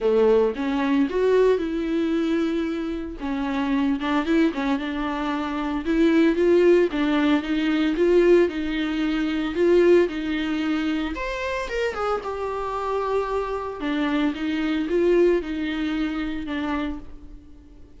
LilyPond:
\new Staff \with { instrumentName = "viola" } { \time 4/4 \tempo 4 = 113 a4 cis'4 fis'4 e'4~ | e'2 cis'4. d'8 | e'8 cis'8 d'2 e'4 | f'4 d'4 dis'4 f'4 |
dis'2 f'4 dis'4~ | dis'4 c''4 ais'8 gis'8 g'4~ | g'2 d'4 dis'4 | f'4 dis'2 d'4 | }